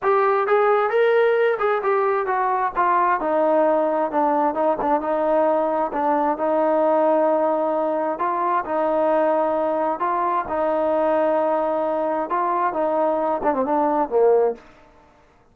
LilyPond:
\new Staff \with { instrumentName = "trombone" } { \time 4/4 \tempo 4 = 132 g'4 gis'4 ais'4. gis'8 | g'4 fis'4 f'4 dis'4~ | dis'4 d'4 dis'8 d'8 dis'4~ | dis'4 d'4 dis'2~ |
dis'2 f'4 dis'4~ | dis'2 f'4 dis'4~ | dis'2. f'4 | dis'4. d'16 c'16 d'4 ais4 | }